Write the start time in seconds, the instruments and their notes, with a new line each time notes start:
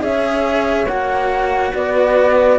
0.00 cello C#4 G#4, horn C#5, flute E5
0.86 cello A#3 F#4, flute F#5
1.73 cello B3, horn B4, flute D5